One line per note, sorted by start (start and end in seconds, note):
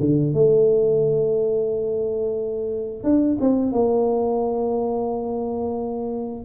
0.00 0.34 D3
0.34 3.04 A3
3.04 3.38 D4
3.40 3.72 C4
3.72 6.45 A#3